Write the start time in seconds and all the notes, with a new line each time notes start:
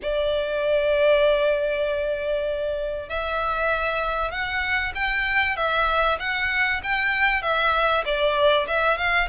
0.02 D5
3.09 E5
4.31 F#5
4.94 G5
5.56 E5
6.19 F#5
6.83 G5
7.42 E5
8.05 D5
8.67 E5
8.97 F5